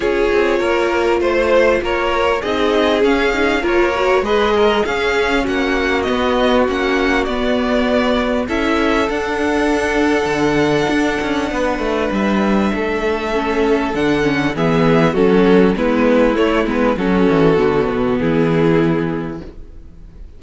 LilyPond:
<<
  \new Staff \with { instrumentName = "violin" } { \time 4/4 \tempo 4 = 99 cis''2 c''4 cis''4 | dis''4 f''4 cis''4 dis''4 | f''4 fis''4 dis''4 fis''4 | d''2 e''4 fis''4~ |
fis''1 | e''2. fis''4 | e''4 a'4 b'4 cis''8 b'8 | a'2 gis'2 | }
  \new Staff \with { instrumentName = "violin" } { \time 4/4 gis'4 ais'4 c''4 ais'4 | gis'2 ais'4 b'8 ais'8 | gis'4 fis'2.~ | fis'2 a'2~ |
a'2. b'4~ | b'4 a'2. | gis'4 fis'4 e'2 | fis'2 e'2 | }
  \new Staff \with { instrumentName = "viola" } { \time 4/4 f'1 | dis'4 cis'8 dis'8 f'8 fis'8 gis'4 | cis'2 b4 cis'4 | b2 e'4 d'4~ |
d'1~ | d'2 cis'4 d'8 cis'8 | b4 cis'4 b4 a8 b8 | cis'4 b2. | }
  \new Staff \with { instrumentName = "cello" } { \time 4/4 cis'8 c'8 ais4 a4 ais4 | c'4 cis'4 ais4 gis4 | cis'4 ais4 b4 ais4 | b2 cis'4 d'4~ |
d'4 d4 d'8 cis'8 b8 a8 | g4 a2 d4 | e4 fis4 gis4 a8 gis8 | fis8 e8 d8 b,8 e2 | }
>>